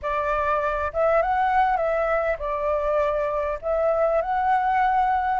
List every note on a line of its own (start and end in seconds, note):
0.02 0.92 D5
0.93 1.22 E5
1.22 1.76 F#5
1.76 2.36 E5
2.38 3.58 D5
3.61 4.21 E5
4.21 5.39 F#5